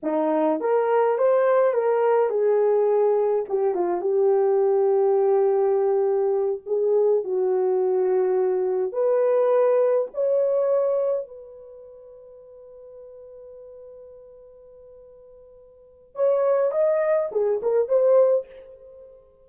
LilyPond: \new Staff \with { instrumentName = "horn" } { \time 4/4 \tempo 4 = 104 dis'4 ais'4 c''4 ais'4 | gis'2 g'8 f'8 g'4~ | g'2.~ g'8 gis'8~ | gis'8 fis'2. b'8~ |
b'4. cis''2 b'8~ | b'1~ | b'1 | cis''4 dis''4 gis'8 ais'8 c''4 | }